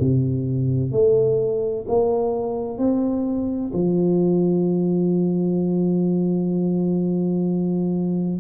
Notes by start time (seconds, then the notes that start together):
0.00 C3
0.92 A3
1.88 A#3
2.78 C4
3.73 F3